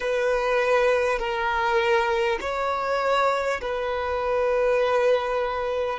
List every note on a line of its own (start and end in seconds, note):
0.00 1.18 B4
1.18 2.38 A#4
2.40 3.60 C#5
3.61 5.99 B4